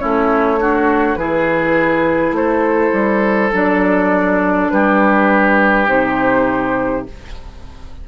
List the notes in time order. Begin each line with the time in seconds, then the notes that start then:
0.00 A3 C#4 E4 C#5
0.60 D4 F#4
1.16 E3 E4 G#4 B4
2.32 A3 A4 C5
2.93 G3
3.53 F#3 D4 D5
4.71 G3 G4 B4
5.88 C3 D#4 C5